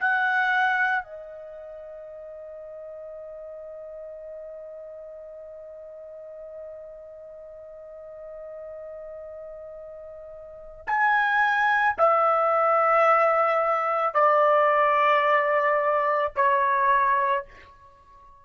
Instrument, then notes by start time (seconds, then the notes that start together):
trumpet
0.00 F#5
1.04 D#5
10.87 G#5
11.98 E5
14.14 D5
16.36 C#5